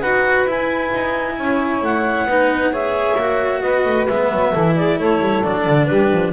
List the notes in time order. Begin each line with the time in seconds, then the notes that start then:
0.00 D#4 F#4 B4 F#5
0.45 E4 G#5
0.94 D#4
1.38 C#4 C#5
1.82 A3 F#5
2.24 B3 D#4 B4
2.71 G#4 C#5 E5
3.17 A#3 F#4
3.62 B3 B4 D#5
3.85 A3
4.09 G#3 B3 E5
4.32 F#3
4.51 E3 E4 A4
4.76 G#4 D5
5.00 A3 A4 C#5
5.20 G3
5.44 F#3 D4 D5
5.67 D3
5.86 G3 G4 B4
6.13 F3